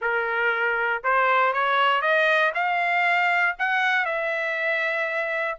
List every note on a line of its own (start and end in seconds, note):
0.01 1.02 A#4
1.03 1.53 C5
1.53 2.01 C#5
2.01 2.52 D#5
2.54 3.56 F5
3.58 4.05 F#5
4.05 5.57 E5